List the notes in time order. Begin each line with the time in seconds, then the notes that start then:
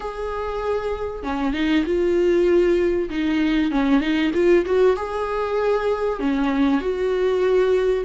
0.00 G#4
1.23 C#4
1.53 D#4
1.85 F4
3.09 D#4
3.71 C#4
4.00 D#4
4.34 F4
4.65 F#4
4.96 G#4
6.19 C#4
6.80 F#4